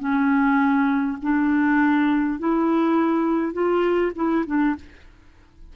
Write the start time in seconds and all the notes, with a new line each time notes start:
0.00 C#4
1.22 D4
2.39 E4
3.53 F4
4.16 E4
4.47 D4